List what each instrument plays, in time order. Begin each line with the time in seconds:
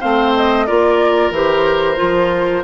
0.00 bassoon A3, clarinet C4, oboe C5, flute F5
0.36 flute D#5
0.66 bassoon A#3, clarinet F4, oboe A#4, flute D5
1.30 bassoon E3, clarinet G4, flute C5
1.96 bassoon F3, clarinet F4